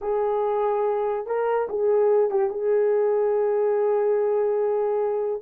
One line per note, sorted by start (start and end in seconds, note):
0.01 1.26 G#4
1.26 1.68 A#4
1.69 2.30 G#4
2.30 2.50 G4
2.50 5.41 G#4